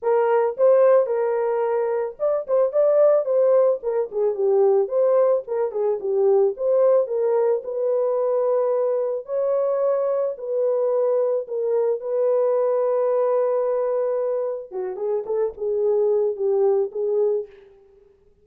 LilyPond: \new Staff \with { instrumentName = "horn" } { \time 4/4 \tempo 4 = 110 ais'4 c''4 ais'2 | d''8 c''8 d''4 c''4 ais'8 gis'8 | g'4 c''4 ais'8 gis'8 g'4 | c''4 ais'4 b'2~ |
b'4 cis''2 b'4~ | b'4 ais'4 b'2~ | b'2. fis'8 gis'8 | a'8 gis'4. g'4 gis'4 | }